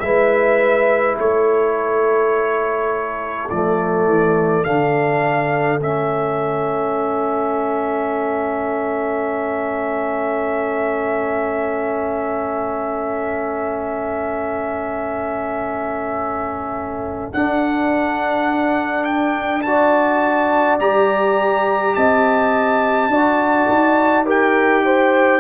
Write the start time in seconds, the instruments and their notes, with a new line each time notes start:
0.00 tuba G#3, trombone E4, horn B4, trumpet E5
1.19 tuba A3, horn A4, trumpet C#5
3.50 tuba F3, trombone A3, trumpet D5
4.06 tuba E3
4.64 tuba D3, trombone D4, trumpet F5
5.80 tuba A3, trombone C#4, trumpet E5
17.33 trombone D4, tuba D4, trumpet F#5
19.04 trumpet G5
19.62 trombone F#4, horn D5, trumpet A5
20.80 tuba G3, trombone G4, trumpet A#5
21.95 tuba C4, horn D#5, trumpet A5
23.08 tuba D4, trombone F#4, horn D5
23.69 tuba D#4
24.25 trombone G4, horn A#4, trumpet G5
24.85 horn C5